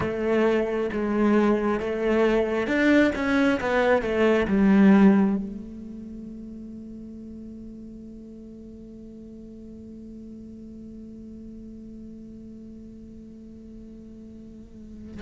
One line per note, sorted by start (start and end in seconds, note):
0.00 0.90 A3
0.92 1.80 G#3
1.80 2.67 A3
2.67 3.11 D4
3.15 3.60 C#4
3.60 4.02 B3
4.02 4.47 A3
4.47 5.36 G3
5.36 15.21 A3